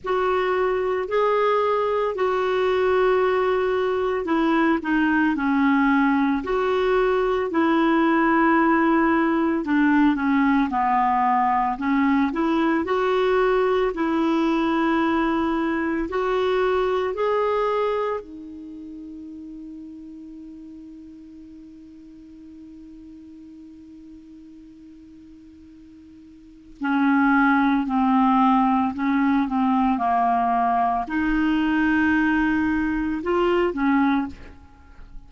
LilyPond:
\new Staff \with { instrumentName = "clarinet" } { \time 4/4 \tempo 4 = 56 fis'4 gis'4 fis'2 | e'8 dis'8 cis'4 fis'4 e'4~ | e'4 d'8 cis'8 b4 cis'8 e'8 | fis'4 e'2 fis'4 |
gis'4 dis'2.~ | dis'1~ | dis'4 cis'4 c'4 cis'8 c'8 | ais4 dis'2 f'8 cis'8 | }